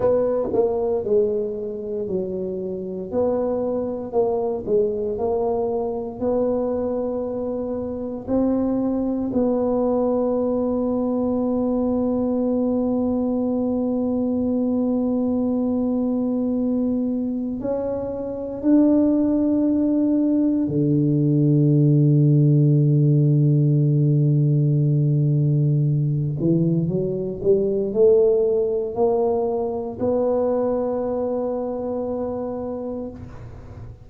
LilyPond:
\new Staff \with { instrumentName = "tuba" } { \time 4/4 \tempo 4 = 58 b8 ais8 gis4 fis4 b4 | ais8 gis8 ais4 b2 | c'4 b2.~ | b1~ |
b4 cis'4 d'2 | d1~ | d4. e8 fis8 g8 a4 | ais4 b2. | }